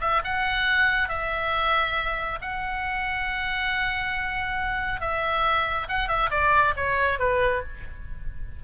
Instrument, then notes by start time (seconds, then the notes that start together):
oboe
0.00 E5
0.24 F#5
1.08 E5
2.41 F#5
5.00 E5
5.88 F#5
6.08 E5
6.30 D5
6.76 C#5
7.19 B4